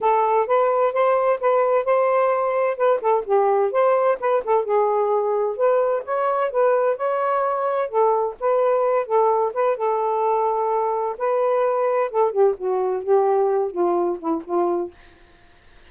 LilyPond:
\new Staff \with { instrumentName = "saxophone" } { \time 4/4 \tempo 4 = 129 a'4 b'4 c''4 b'4 | c''2 b'8 a'8 g'4 | c''4 b'8 a'8 gis'2 | b'4 cis''4 b'4 cis''4~ |
cis''4 a'4 b'4. a'8~ | a'8 b'8 a'2. | b'2 a'8 g'8 fis'4 | g'4. f'4 e'8 f'4 | }